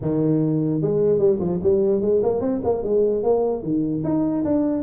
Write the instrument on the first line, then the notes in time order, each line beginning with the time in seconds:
tuba
0.01 D#3
0.81 G#3
1.18 G3
1.39 F3
1.62 G3
2.01 G#3
2.23 A#3
2.40 C4
2.64 A#3
2.83 G#3
3.23 A#3
3.62 D#3
4.03 D#4
4.44 D4